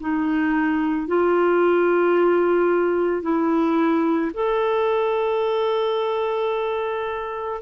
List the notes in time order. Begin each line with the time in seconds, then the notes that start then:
0.00 D#4
1.07 F4
3.22 E4
4.33 A4